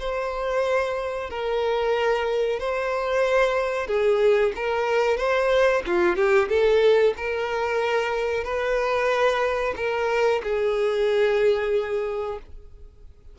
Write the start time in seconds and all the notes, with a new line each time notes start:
0.00 C5
1.30 A#4
2.60 C5
3.87 G#4
4.56 A#4
5.18 C5
5.87 F4
6.16 G4
6.49 A4
7.17 A#4
8.44 B4
9.76 A#4
10.43 G#4